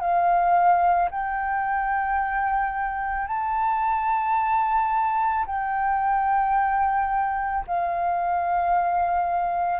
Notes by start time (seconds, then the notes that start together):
0.00 F5
1.11 G5
3.27 A5
5.46 G5
7.67 F5